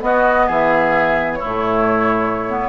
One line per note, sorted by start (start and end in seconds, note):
0.00 1.41 B3
0.00 0.48 B3
0.00 0.47 F#4
0.00 0.49 D#5
0.47 1.42 E3
0.47 1.39 G#4
0.47 1.33 E5
1.34 2.68 E4
1.34 2.68 C#5
1.42 2.68 A2
1.42 2.48 A3
2.49 2.68 B3